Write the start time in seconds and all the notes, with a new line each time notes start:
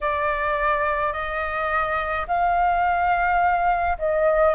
0.01 D5
1.13 D#5
2.27 F5
3.98 D#5